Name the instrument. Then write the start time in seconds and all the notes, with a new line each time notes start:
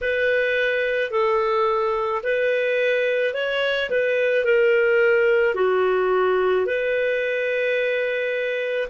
clarinet
0.01 B4
1.11 A4
2.23 B4
3.34 C#5
3.89 B4
4.44 A#4
5.55 F#4
6.66 B4